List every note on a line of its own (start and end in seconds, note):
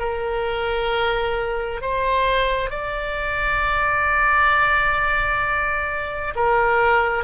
0.00 1.82 A#4
1.82 2.71 C5
2.71 6.34 D5
6.36 7.24 A#4